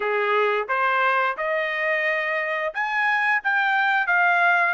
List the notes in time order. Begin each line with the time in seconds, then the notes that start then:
0.00 G#4
0.68 C5
1.37 D#5
2.74 G#5
3.43 G5
4.06 F5